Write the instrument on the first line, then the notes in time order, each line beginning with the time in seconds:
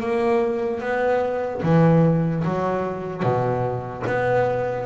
double bass
0.00 A#3
0.80 B3
1.62 E3
2.44 F#3
3.22 B2
4.06 B3